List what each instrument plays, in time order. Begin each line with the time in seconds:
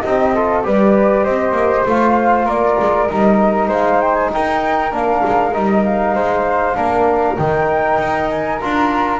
0.00 double bass C4, trombone D#4, flute G4 D#5
0.35 trombone F4, flute A4
0.63 double bass G3, trombone G4, flute B4 D5
1.23 double bass C4, flute C5 D#5
1.52 double bass A#3
1.86 double bass A3, trombone F4, flute F5
2.45 double bass A#3, flute A#4 D5
2.80 double bass G#3
3.08 double bass G3, trombone D#4, flute D#5
3.68 double bass G#3, flute C5 F5
4.01 flute G5
4.14 flute G#5
4.33 double bass D#4, flute A#4 G5
4.90 double bass A#3, trombone D4, flute F5
5.25 double bass G#3
5.53 double bass G3, trombone D#4, flute D#5
5.85 flute F5
6.15 double bass G#3, flute C5
6.75 double bass A#3, trombone D4, flute A#4
7.37 double bass D#3, trombone D#4, flute G5
7.98 double bass D#4
8.29 flute G#5
8.60 double bass D4, trombone F4, flute A#5